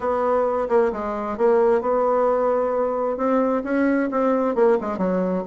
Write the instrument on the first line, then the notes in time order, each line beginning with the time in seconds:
bassoon
0.00 B3
0.69 A#3
0.92 G#3
1.37 A#3
1.81 B3
3.17 C4
3.64 C#4
4.11 C4
4.55 A#3
4.81 G#3
4.98 F#3